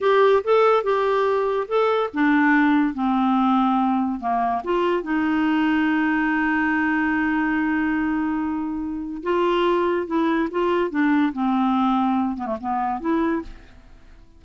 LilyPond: \new Staff \with { instrumentName = "clarinet" } { \time 4/4 \tempo 4 = 143 g'4 a'4 g'2 | a'4 d'2 c'4~ | c'2 ais4 f'4 | dis'1~ |
dis'1~ | dis'2 f'2 | e'4 f'4 d'4 c'4~ | c'4. b16 a16 b4 e'4 | }